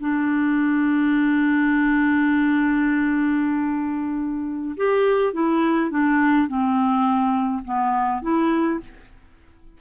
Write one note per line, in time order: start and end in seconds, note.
0.00 4.76 D4
4.77 5.33 G4
5.33 5.90 E4
5.90 6.48 D4
6.48 7.63 C4
7.64 8.22 B3
8.22 8.80 E4